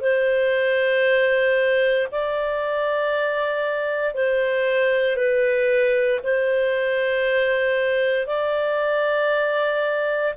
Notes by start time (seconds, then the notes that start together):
0.00 C5
2.11 D5
4.14 C5
5.16 B4
6.23 C5
8.26 D5